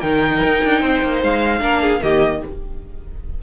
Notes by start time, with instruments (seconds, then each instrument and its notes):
0.00 cello D#3, viola D#4, violin A#4 G5
0.43 cello D#4
0.64 cello D4
0.80 cello C4, violin C5
1.03 cello A#3
1.22 cello G#3, violin F5
1.60 cello A#3, viola D4, violin A#4
1.81 violin G#4
2.01 cello D#3, viola A#3, violin G4 D#5